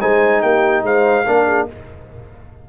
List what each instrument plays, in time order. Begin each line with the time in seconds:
0.00 tuba G#3, trombone D#4, horn C5, trumpet G#5
0.41 tuba A#3, horn G4, trumpet G5
0.83 tuba G#3, horn C5, trumpet F5
1.26 tuba A#3, trombone D4, horn A#4
1.46 horn G#4